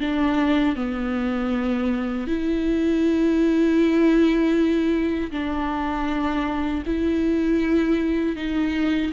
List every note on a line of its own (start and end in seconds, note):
0.00 0.76 D4
0.76 2.27 B3
2.27 5.31 E4
5.31 6.83 D4
6.86 8.36 E4
8.36 9.12 D#4